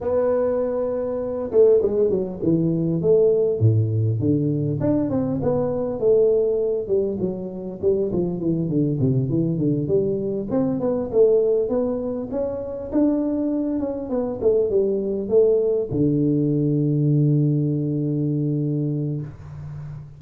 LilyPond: \new Staff \with { instrumentName = "tuba" } { \time 4/4 \tempo 4 = 100 b2~ b8 a8 gis8 fis8 | e4 a4 a,4 d4 | d'8 c'8 b4 a4. g8 | fis4 g8 f8 e8 d8 c8 e8 |
d8 g4 c'8 b8 a4 b8~ | b8 cis'4 d'4. cis'8 b8 | a8 g4 a4 d4.~ | d1 | }